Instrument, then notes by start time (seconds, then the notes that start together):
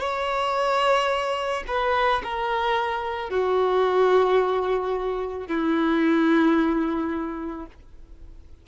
violin
0.00 C#5
1.68 B4
2.24 A#4
3.30 F#4
5.48 E4